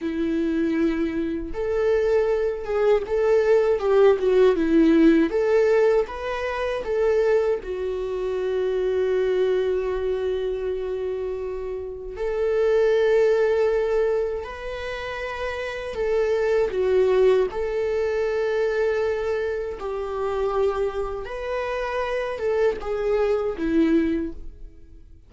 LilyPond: \new Staff \with { instrumentName = "viola" } { \time 4/4 \tempo 4 = 79 e'2 a'4. gis'8 | a'4 g'8 fis'8 e'4 a'4 | b'4 a'4 fis'2~ | fis'1 |
a'2. b'4~ | b'4 a'4 fis'4 a'4~ | a'2 g'2 | b'4. a'8 gis'4 e'4 | }